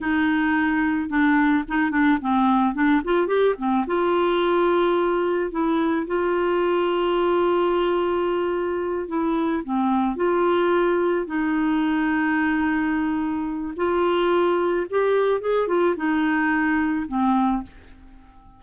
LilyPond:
\new Staff \with { instrumentName = "clarinet" } { \time 4/4 \tempo 4 = 109 dis'2 d'4 dis'8 d'8 | c'4 d'8 f'8 g'8 c'8 f'4~ | f'2 e'4 f'4~ | f'1~ |
f'8 e'4 c'4 f'4.~ | f'8 dis'2.~ dis'8~ | dis'4 f'2 g'4 | gis'8 f'8 dis'2 c'4 | }